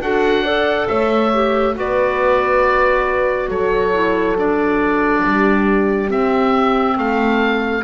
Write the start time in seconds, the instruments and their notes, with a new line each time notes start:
0.00 double bass D4, clarinet F#4, horn A4, oboe F#5
0.43 clarinet A4, horn D5
0.87 double bass A3, horn C#5, oboe E5
1.34 clarinet G4
1.74 double bass B3, clarinet F#4, horn B4, oboe D5
3.48 double bass F#3, horn A4, oboe C#5
3.93 clarinet E4
4.37 clarinet D4, oboe D5
5.24 double bass G3, horn G4
6.07 clarinet C4, double bass C4, oboe E5
6.96 double bass A3, horn A4, oboe F5